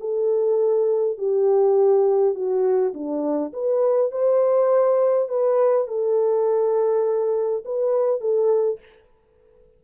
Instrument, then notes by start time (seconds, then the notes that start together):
horn
0.00 A4
1.18 G4
2.34 F#4
2.94 D4
3.53 B4
4.11 C5
5.29 B4
5.87 A4
7.65 B4
8.21 A4